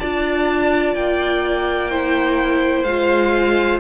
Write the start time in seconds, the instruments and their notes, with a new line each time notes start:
0.00 cello D4, viola F4, violin D5 A5
0.95 cello A#3, violin G5
1.91 viola E4, violin C5
2.84 cello G#3, viola F4, violin F5